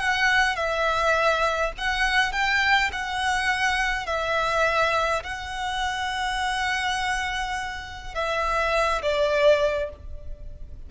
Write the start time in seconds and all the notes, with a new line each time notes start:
0.00 F#5
0.56 E5
1.78 F#5
2.33 G5
2.93 F#5
4.07 E5
5.24 F#5
8.15 E5
9.03 D5